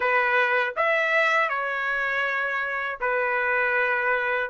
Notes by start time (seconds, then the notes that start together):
0.00 B4
0.76 E5
1.49 C#5
3.00 B4